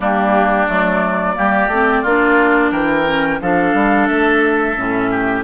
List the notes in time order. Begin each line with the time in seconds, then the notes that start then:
0.00 G3 A#3 D4 G4
0.67 F#3 A3 D5
1.34 G3 A#3 G4
1.67 A3 C4
2.02 A#3 D4 F4
2.71 E3 A#4 G5
3.06 C#4
3.41 F3 D4 A4 F5
3.74 G3
4.07 A3 E5
4.76 A2 C#4
5.11 G4